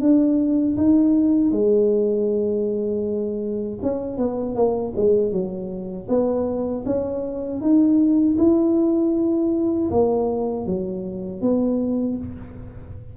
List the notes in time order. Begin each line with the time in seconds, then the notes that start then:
0.00 D4
0.77 D#4
1.51 G#3
3.81 C#4
4.17 B3
4.55 A#3
4.96 G#3
5.31 F#3
6.08 B3
6.86 C#4
7.61 D#4
8.38 E4
9.90 A#3
10.66 F#3
11.41 B3